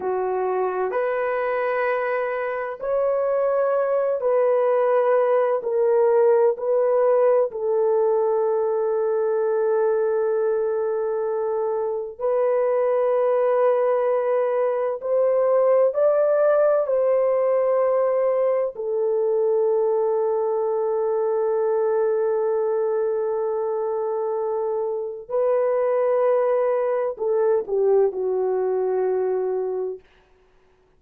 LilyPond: \new Staff \with { instrumentName = "horn" } { \time 4/4 \tempo 4 = 64 fis'4 b'2 cis''4~ | cis''8 b'4. ais'4 b'4 | a'1~ | a'4 b'2. |
c''4 d''4 c''2 | a'1~ | a'2. b'4~ | b'4 a'8 g'8 fis'2 | }